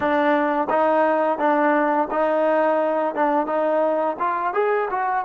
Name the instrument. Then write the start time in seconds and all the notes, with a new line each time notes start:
trombone
0.00 D4
0.69 D#4
1.38 D4
2.11 D#4
3.14 D4
3.46 D#4
4.19 F4
4.53 G#4
4.90 F#4